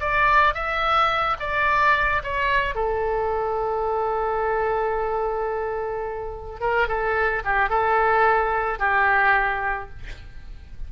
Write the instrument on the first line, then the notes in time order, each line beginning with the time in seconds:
oboe
0.00 D5
0.54 E5
1.39 D5
2.23 C#5
2.75 A4
6.60 A#4
6.87 A4
7.44 G4
7.69 A4
8.79 G4